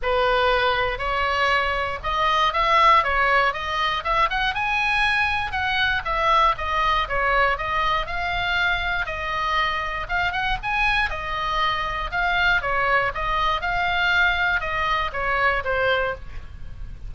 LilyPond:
\new Staff \with { instrumentName = "oboe" } { \time 4/4 \tempo 4 = 119 b'2 cis''2 | dis''4 e''4 cis''4 dis''4 | e''8 fis''8 gis''2 fis''4 | e''4 dis''4 cis''4 dis''4 |
f''2 dis''2 | f''8 fis''8 gis''4 dis''2 | f''4 cis''4 dis''4 f''4~ | f''4 dis''4 cis''4 c''4 | }